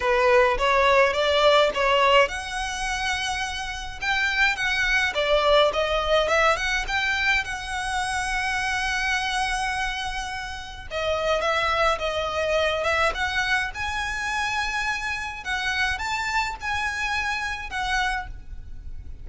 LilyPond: \new Staff \with { instrumentName = "violin" } { \time 4/4 \tempo 4 = 105 b'4 cis''4 d''4 cis''4 | fis''2. g''4 | fis''4 d''4 dis''4 e''8 fis''8 | g''4 fis''2.~ |
fis''2. dis''4 | e''4 dis''4. e''8 fis''4 | gis''2. fis''4 | a''4 gis''2 fis''4 | }